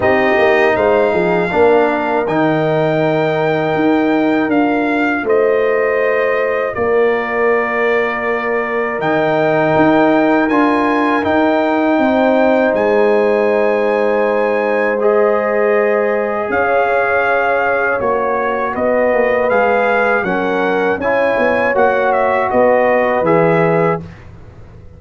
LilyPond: <<
  \new Staff \with { instrumentName = "trumpet" } { \time 4/4 \tempo 4 = 80 dis''4 f''2 g''4~ | g''2 f''4 dis''4~ | dis''4 d''2. | g''2 gis''4 g''4~ |
g''4 gis''2. | dis''2 f''2 | cis''4 dis''4 f''4 fis''4 | gis''4 fis''8 e''8 dis''4 e''4 | }
  \new Staff \with { instrumentName = "horn" } { \time 4/4 g'4 c''8 gis'8 ais'2~ | ais'2. c''4~ | c''4 ais'2.~ | ais'1 |
c''1~ | c''2 cis''2~ | cis''4 b'2 ais'4 | cis''2 b'2 | }
  \new Staff \with { instrumentName = "trombone" } { \time 4/4 dis'2 d'4 dis'4~ | dis'2 f'2~ | f'1 | dis'2 f'4 dis'4~ |
dis'1 | gis'1 | fis'2 gis'4 cis'4 | e'4 fis'2 gis'4 | }
  \new Staff \with { instrumentName = "tuba" } { \time 4/4 c'8 ais8 gis8 f8 ais4 dis4~ | dis4 dis'4 d'4 a4~ | a4 ais2. | dis4 dis'4 d'4 dis'4 |
c'4 gis2.~ | gis2 cis'2 | ais4 b8 ais8 gis4 fis4 | cis'8 b8 ais4 b4 e4 | }
>>